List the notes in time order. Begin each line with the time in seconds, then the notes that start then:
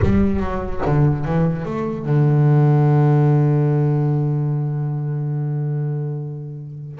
0.02 G3
0.40 F#3
0.85 D3
1.25 E3
1.65 A3
2.05 D3